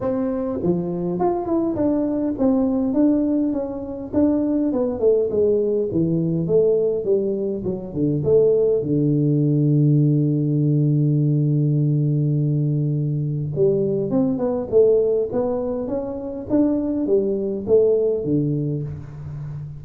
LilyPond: \new Staff \with { instrumentName = "tuba" } { \time 4/4 \tempo 4 = 102 c'4 f4 f'8 e'8 d'4 | c'4 d'4 cis'4 d'4 | b8 a8 gis4 e4 a4 | g4 fis8 d8 a4 d4~ |
d1~ | d2. g4 | c'8 b8 a4 b4 cis'4 | d'4 g4 a4 d4 | }